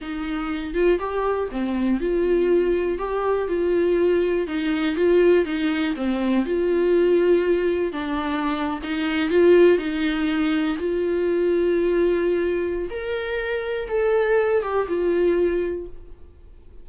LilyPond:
\new Staff \with { instrumentName = "viola" } { \time 4/4 \tempo 4 = 121 dis'4. f'8 g'4 c'4 | f'2 g'4 f'4~ | f'4 dis'4 f'4 dis'4 | c'4 f'2. |
d'4.~ d'16 dis'4 f'4 dis'16~ | dis'4.~ dis'16 f'2~ f'16~ | f'2 ais'2 | a'4. g'8 f'2 | }